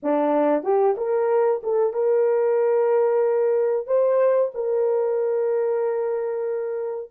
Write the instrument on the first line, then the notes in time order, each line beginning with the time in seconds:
horn
0.02 D4
0.63 G4
0.97 A#4
1.63 A4
1.93 A#4
3.87 C5
4.54 A#4